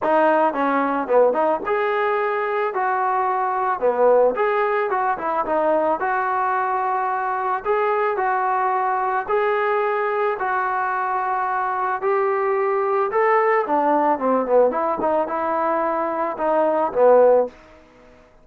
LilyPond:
\new Staff \with { instrumentName = "trombone" } { \time 4/4 \tempo 4 = 110 dis'4 cis'4 b8 dis'8 gis'4~ | gis'4 fis'2 b4 | gis'4 fis'8 e'8 dis'4 fis'4~ | fis'2 gis'4 fis'4~ |
fis'4 gis'2 fis'4~ | fis'2 g'2 | a'4 d'4 c'8 b8 e'8 dis'8 | e'2 dis'4 b4 | }